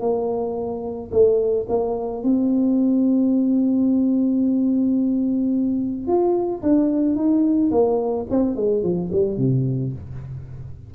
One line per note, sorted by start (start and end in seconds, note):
0.00 1.10 A#3
1.11 1.66 A3
1.68 2.23 A#3
2.23 6.07 C4
6.07 6.62 F4
6.62 7.15 D4
7.15 7.70 D#4
7.71 8.26 A#3
8.30 8.56 C4
8.56 8.82 G#3
8.82 9.10 F3
9.12 9.37 G3
9.37 9.92 C3